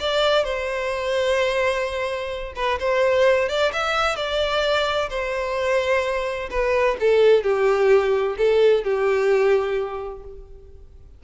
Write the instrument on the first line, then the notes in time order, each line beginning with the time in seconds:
violin
0.00 D5
0.45 C5
2.56 B4
2.80 C5
3.49 D5
3.73 E5
4.17 D5
5.10 C5
6.51 B4
7.01 A4
7.44 G4
8.38 A4
8.85 G4